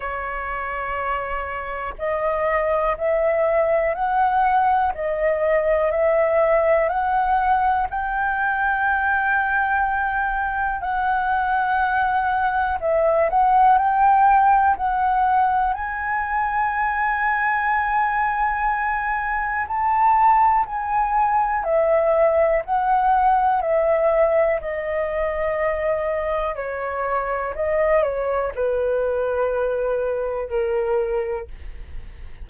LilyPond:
\new Staff \with { instrumentName = "flute" } { \time 4/4 \tempo 4 = 61 cis''2 dis''4 e''4 | fis''4 dis''4 e''4 fis''4 | g''2. fis''4~ | fis''4 e''8 fis''8 g''4 fis''4 |
gis''1 | a''4 gis''4 e''4 fis''4 | e''4 dis''2 cis''4 | dis''8 cis''8 b'2 ais'4 | }